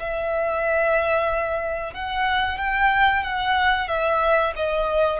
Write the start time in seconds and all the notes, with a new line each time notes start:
0.00 E5
1.94 F#5
2.58 G5
3.23 F#5
3.88 E5
4.56 D#5